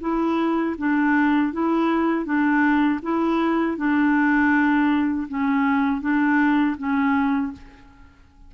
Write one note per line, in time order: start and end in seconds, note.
0.00 0.75 E4
0.77 1.52 D4
1.52 2.25 E4
2.25 3.00 D4
3.02 3.77 E4
3.77 5.27 D4
5.28 6.01 C#4
6.01 6.76 D4
6.77 7.52 C#4